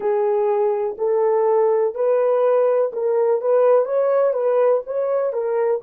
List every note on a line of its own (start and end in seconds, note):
0.00 0.96 G#4
0.98 1.94 A4
1.94 2.91 B4
2.93 3.41 A#4
3.41 3.85 B4
3.85 4.33 C#5
4.33 4.81 B4
4.86 5.32 C#5
5.32 5.81 A#4